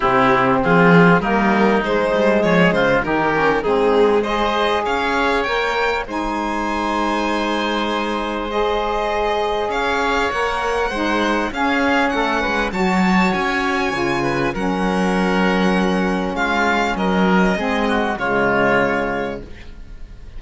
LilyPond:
<<
  \new Staff \with { instrumentName = "violin" } { \time 4/4 \tempo 4 = 99 g'4 gis'4 ais'4 c''4 | cis''8 c''8 ais'4 gis'4 dis''4 | f''4 g''4 gis''2~ | gis''2 dis''2 |
f''4 fis''2 f''4 | fis''4 a''4 gis''2 | fis''2. f''4 | dis''2 cis''2 | }
  \new Staff \with { instrumentName = "oboe" } { \time 4/4 e'4 f'4 dis'2 | gis'8 f'8 g'4 dis'4 c''4 | cis''2 c''2~ | c''1 |
cis''2 c''4 gis'4 | a'8 b'8 cis''2~ cis''8 b'8 | ais'2. f'4 | ais'4 gis'8 fis'8 f'2 | }
  \new Staff \with { instrumentName = "saxophone" } { \time 4/4 c'2 ais4 gis4~ | gis4 dis'8 cis'8 c'4 gis'4~ | gis'4 ais'4 dis'2~ | dis'2 gis'2~ |
gis'4 ais'4 dis'4 cis'4~ | cis'4 fis'2 f'4 | cis'1~ | cis'4 c'4 gis2 | }
  \new Staff \with { instrumentName = "cello" } { \time 4/4 c4 f4 g4 gis8 g8 | f8 cis8 dis4 gis2 | cis'4 ais4 gis2~ | gis1 |
cis'4 ais4 gis4 cis'4 | a8 gis8 fis4 cis'4 cis4 | fis2. gis4 | fis4 gis4 cis2 | }
>>